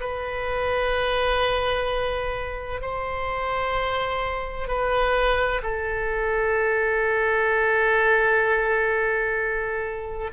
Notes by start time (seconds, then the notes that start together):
0.00 B4
2.81 C5
4.68 B4
5.63 A4